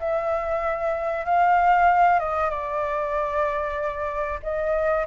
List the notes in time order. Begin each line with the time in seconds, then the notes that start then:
0.00 E5
1.25 F5
2.20 D#5
2.50 D5
4.43 D#5